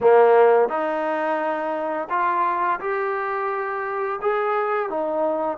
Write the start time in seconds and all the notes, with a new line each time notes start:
0.00 A#3
0.68 D#4
2.09 F4
2.80 G4
4.21 G#4
4.89 D#4